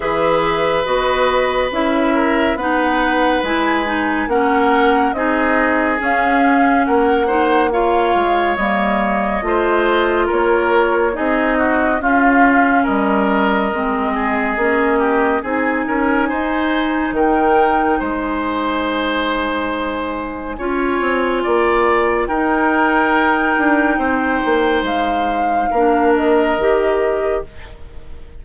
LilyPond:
<<
  \new Staff \with { instrumentName = "flute" } { \time 4/4 \tempo 4 = 70 e''4 dis''4 e''4 fis''4 | gis''4 fis''4 dis''4 f''4 | fis''4 f''4 dis''2 | cis''4 dis''4 f''4 dis''4~ |
dis''2 gis''2 | g''4 gis''2.~ | gis''2 g''2~ | g''4 f''4. dis''4. | }
  \new Staff \with { instrumentName = "oboe" } { \time 4/4 b'2~ b'8 ais'8 b'4~ | b'4 ais'4 gis'2 | ais'8 c''8 cis''2 c''4 | ais'4 gis'8 fis'8 f'4 ais'4~ |
ais'8 gis'4 g'8 gis'8 ais'8 c''4 | ais'4 c''2. | cis''4 d''4 ais'2 | c''2 ais'2 | }
  \new Staff \with { instrumentName = "clarinet" } { \time 4/4 gis'4 fis'4 e'4 dis'4 | e'8 dis'8 cis'4 dis'4 cis'4~ | cis'8 dis'8 f'4 ais4 f'4~ | f'4 dis'4 cis'2 |
c'4 cis'4 dis'2~ | dis'1 | f'2 dis'2~ | dis'2 d'4 g'4 | }
  \new Staff \with { instrumentName = "bassoon" } { \time 4/4 e4 b4 cis'4 b4 | gis4 ais4 c'4 cis'4 | ais4. gis8 g4 a4 | ais4 c'4 cis'4 g4 |
gis4 ais4 c'8 cis'8 dis'4 | dis4 gis2. | cis'8 c'8 ais4 dis'4. d'8 | c'8 ais8 gis4 ais4 dis4 | }
>>